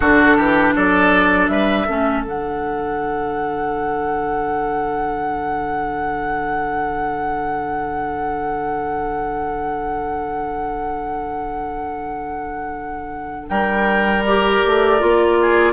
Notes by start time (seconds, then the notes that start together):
0.00 D3 D4 F#4 A4
0.36 E3 G4
0.75 F#3 A4 D5
1.47 G3 B4 E5
1.87 A3 C#4 A4
2.23 D3 D4 F#5
13.48 G3 A#4 G5
14.24 G4 D5
14.65 A3
15.00 A#3 F4
15.41 G#4